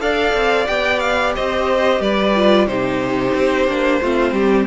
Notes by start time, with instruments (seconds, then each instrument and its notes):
0.00 cello D4, viola A4, violin D5 F5
0.35 cello C4
0.67 cello B3, viola G4, violin G5
1.00 violin F5
1.36 cello C4, violin C5 D#5
2.01 cello G3, violin B4 D5
2.36 viola F4
2.67 cello C3, viola D#4, violin G4 C5
3.35 cello C4
3.68 cello A#3, viola D4
4.02 cello A3, viola C4, violin F4
4.33 cello G3, violin G4